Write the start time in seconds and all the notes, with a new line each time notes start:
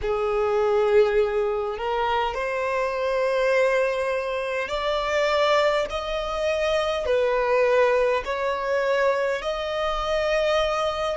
0.01 G#4
1.78 A#4
2.34 C5
4.68 D5
5.90 D#5
7.05 B4
8.25 C#5
9.42 D#5